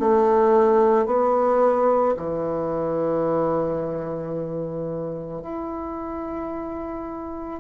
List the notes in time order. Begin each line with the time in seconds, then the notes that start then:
0.00 A3
1.06 B3
2.17 E3
5.42 E4